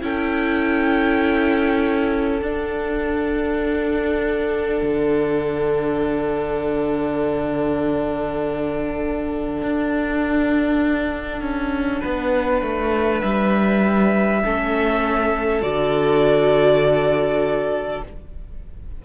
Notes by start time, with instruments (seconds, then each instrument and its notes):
0.00 cello C#4, viola E4, violin A4 G5
2.41 cello D4, viola D4, violin F#5
4.82 cello D3
9.62 cello D4
11.41 cello C#4
12.01 cello B3, violin B4
12.62 cello A3
13.21 cello G3, violin E5
14.43 cello A3, viola C#4, violin A4
15.61 cello D3, viola F#4, violin D5